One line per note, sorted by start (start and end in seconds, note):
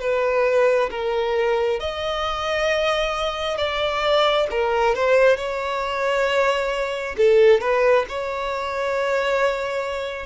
0.00 0.90 B4
0.90 1.80 A#4
1.80 3.57 D#5
3.57 4.47 D5
4.50 4.95 A#4
4.95 5.36 C5
5.36 7.16 C#5
7.17 7.60 A4
7.60 8.05 B4
8.08 10.26 C#5